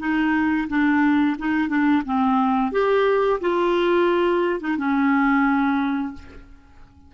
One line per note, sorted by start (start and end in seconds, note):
0.00 0.68 D#4
0.69 1.37 D4
1.39 1.69 D#4
1.69 2.03 D4
2.06 2.72 C4
2.72 3.40 G4
3.41 4.61 F4
4.61 4.78 D#4
4.78 6.14 C#4